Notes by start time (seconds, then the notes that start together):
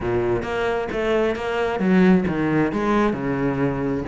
0.00 A#2
0.42 A#3
0.91 A3
1.35 A#3
1.79 F#3
2.27 D#3
2.72 G#3
3.13 C#3